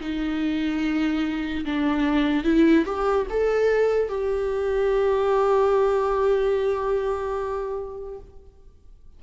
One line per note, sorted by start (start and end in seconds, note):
0.00 1.64 D#4
1.65 2.44 D4
2.44 2.85 E4
2.85 3.27 G4
3.30 4.08 A4
4.08 8.19 G4